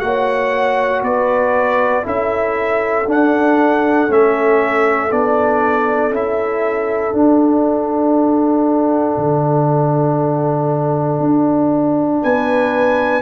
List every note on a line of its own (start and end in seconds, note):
0.00 1.02 A#3
0.00 2.03 F#4
0.00 1.03 C#5
0.00 1.02 F#5
1.02 2.04 B3
1.02 2.05 B4
1.02 2.05 D5
2.03 3.07 C#4
2.03 3.05 E4
2.03 12.22 A4
2.03 3.09 E5
3.07 4.08 D4
3.07 4.12 F#5
4.08 5.11 A3
4.08 5.10 C#4
4.08 5.11 E5
5.11 6.11 B3
5.11 6.11 D4
5.11 6.13 D5
6.11 7.12 C#4
6.11 7.13 E4
6.11 7.16 E5
7.13 9.16 D4
7.13 13.22 D4
7.13 12.23 F#5
9.17 11.19 D3
11.19 12.21 D4
12.22 13.22 B3
12.22 13.22 B4
12.22 13.22 G#5